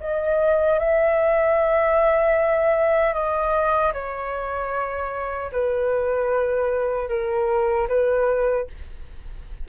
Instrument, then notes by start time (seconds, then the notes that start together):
flute
0.00 D#5
0.79 E5
3.13 D#5
3.93 C#5
5.52 B4
7.08 A#4
7.88 B4